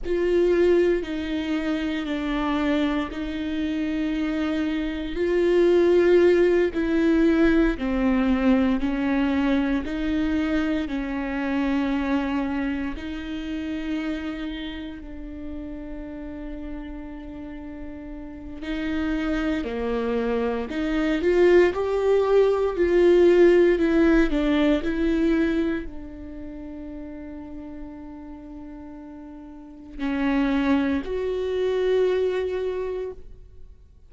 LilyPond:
\new Staff \with { instrumentName = "viola" } { \time 4/4 \tempo 4 = 58 f'4 dis'4 d'4 dis'4~ | dis'4 f'4. e'4 c'8~ | c'8 cis'4 dis'4 cis'4.~ | cis'8 dis'2 d'4.~ |
d'2 dis'4 ais4 | dis'8 f'8 g'4 f'4 e'8 d'8 | e'4 d'2.~ | d'4 cis'4 fis'2 | }